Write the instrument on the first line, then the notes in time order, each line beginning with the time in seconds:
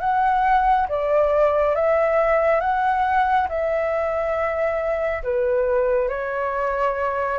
flute
0.00 F#5
0.88 D5
1.75 E5
2.60 F#5
3.49 E5
5.23 B4
6.08 C#5